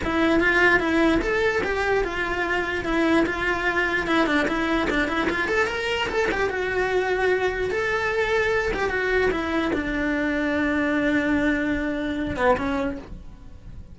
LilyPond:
\new Staff \with { instrumentName = "cello" } { \time 4/4 \tempo 4 = 148 e'4 f'4 e'4 a'4 | g'4 f'2 e'4 | f'2 e'8 d'8 e'4 | d'8 e'8 f'8 a'8 ais'4 a'8 g'8 |
fis'2. a'4~ | a'4. g'8 fis'4 e'4 | d'1~ | d'2~ d'8 b8 cis'4 | }